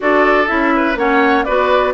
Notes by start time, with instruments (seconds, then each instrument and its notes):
0.00 bassoon D4, clarinet F#4, oboe A4, flute D5
0.47 bassoon C#4, clarinet E4, flute E5
0.76 oboe B4
0.95 bassoon A#3, clarinet C#4, oboe C#5, flute F#5
1.44 bassoon B3, clarinet F#4, oboe B4, flute D5